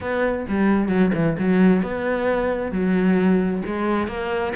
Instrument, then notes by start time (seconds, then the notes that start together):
cello
0.00 B3
0.48 G3
0.88 F#3
1.14 E3
1.38 F#3
1.82 B3
2.71 F#3
3.65 G#3
4.07 A#3